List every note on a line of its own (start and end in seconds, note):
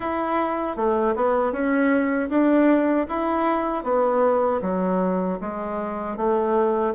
0.00 0.76 E4
0.76 1.15 A3
1.15 1.52 B3
1.52 2.29 C#4
2.29 3.06 D4
3.08 3.83 E4
3.83 4.60 B3
4.62 5.38 F#3
5.40 6.16 G#3
6.16 6.93 A3